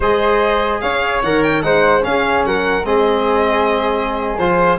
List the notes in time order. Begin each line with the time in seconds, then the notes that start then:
0.00 G#3 G#4 C5 D#5
0.80 C#4 C#5 F5
1.22 D#3 A#4 F#5
1.43 G5
1.62 G#3 D#4 C5 F#5
2.01 C#4 G#4 F5
2.44 F#3 A#4 F#5
2.84 G#3 C4 G#4 D#5
4.37 F3 F4 C5